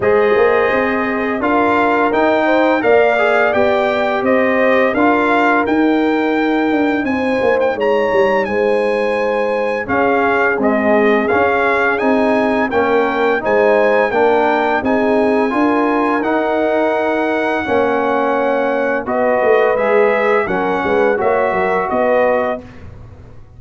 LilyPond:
<<
  \new Staff \with { instrumentName = "trumpet" } { \time 4/4 \tempo 4 = 85 dis''2 f''4 g''4 | f''4 g''4 dis''4 f''4 | g''2 gis''8. g''16 ais''4 | gis''2 f''4 dis''4 |
f''4 gis''4 g''4 gis''4 | g''4 gis''2 fis''4~ | fis''2. dis''4 | e''4 fis''4 e''4 dis''4 | }
  \new Staff \with { instrumentName = "horn" } { \time 4/4 c''2 ais'4. c''8 | d''2 c''4 ais'4~ | ais'2 c''4 cis''4 | c''2 gis'2~ |
gis'2 ais'4 c''4 | ais'4 gis'4 ais'2~ | ais'4 cis''2 b'4~ | b'4 ais'8 b'8 cis''8 ais'8 b'4 | }
  \new Staff \with { instrumentName = "trombone" } { \time 4/4 gis'2 f'4 dis'4 | ais'8 gis'8 g'2 f'4 | dis'1~ | dis'2 cis'4 gis4 |
cis'4 dis'4 cis'4 dis'4 | d'4 dis'4 f'4 dis'4~ | dis'4 cis'2 fis'4 | gis'4 cis'4 fis'2 | }
  \new Staff \with { instrumentName = "tuba" } { \time 4/4 gis8 ais8 c'4 d'4 dis'4 | ais4 b4 c'4 d'4 | dis'4. d'8 c'8 ais8 gis8 g8 | gis2 cis'4 c'4 |
cis'4 c'4 ais4 gis4 | ais4 c'4 d'4 dis'4~ | dis'4 ais2 b8 a8 | gis4 fis8 gis8 ais8 fis8 b4 | }
>>